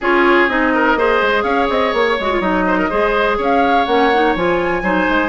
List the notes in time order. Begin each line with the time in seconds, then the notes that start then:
0.00 C#4 F4 G#4 C#5
0.47 C4 D#4 D#5
0.74 A#4
0.95 A#3 G#4 C5
1.21 G#3
1.42 C#4 C#5 F5
1.69 C4 D#5
1.93 A#3 C#5
2.19 G#3 F#4
2.31 F4
2.40 F#3 D#4 D#5
2.66 C5
2.78 A#4
2.89 G#3 G#4 C5
3.37 C#4 C#5 F5
3.85 A#3 C#4 F#5
4.13 D#4
4.35 F3 F4 G#5
4.82 F#3 D#4 C5
5.08 G#3